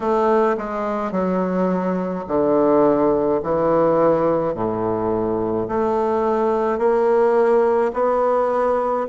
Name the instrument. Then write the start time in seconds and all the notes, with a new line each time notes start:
bassoon
0.00 A3
0.57 G#3
1.11 F#3
2.27 D3
3.43 E3
4.54 A2
5.68 A3
6.78 A#3
7.93 B3